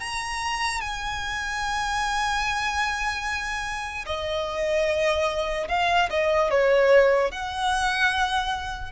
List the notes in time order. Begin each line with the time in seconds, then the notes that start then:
0.00 A#5
0.81 G#5
4.06 D#5
5.68 F5
6.10 D#5
6.50 C#5
7.31 F#5